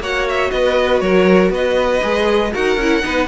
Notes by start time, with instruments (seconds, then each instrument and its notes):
0.00 cello A#3, viola F#4, violin C#5 F#5
0.28 violin E5
0.51 cello B3, violin B4 D#5
1.00 cello F#3, violin A#4 C#5
1.49 cello B3, violin B4 D#5
2.01 cello G#3, viola G#4
2.52 cello D#4, viola F#4, violin A#4 F#5
2.76 cello C#4, viola E4
3.02 cello B3, viola D#4, violin B4